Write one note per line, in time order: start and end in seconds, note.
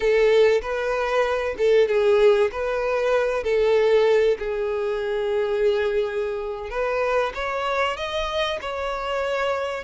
0.00 0.61 A4
0.61 1.55 B4
1.57 1.88 A4
1.88 2.50 G#4
2.51 3.43 B4
3.43 4.37 A4
4.38 6.70 G#4
6.70 7.32 B4
7.34 7.96 C#5
7.96 8.59 D#5
8.61 9.84 C#5